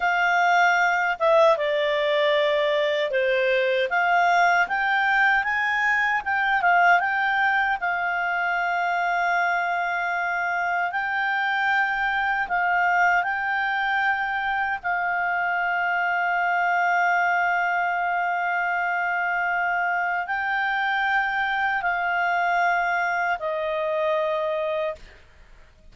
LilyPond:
\new Staff \with { instrumentName = "clarinet" } { \time 4/4 \tempo 4 = 77 f''4. e''8 d''2 | c''4 f''4 g''4 gis''4 | g''8 f''8 g''4 f''2~ | f''2 g''2 |
f''4 g''2 f''4~ | f''1~ | f''2 g''2 | f''2 dis''2 | }